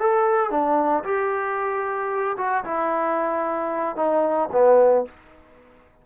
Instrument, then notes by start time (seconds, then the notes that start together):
trombone
0.00 A4
0.51 D4
1.04 G4
2.38 F#4
2.65 E4
3.96 D#4
4.52 B3